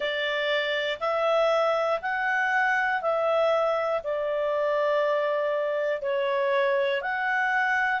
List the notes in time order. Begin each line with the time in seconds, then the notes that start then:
0.00 D5
1.00 E5
2.01 F#5
3.01 E5
4.03 D5
6.01 C#5
7.01 F#5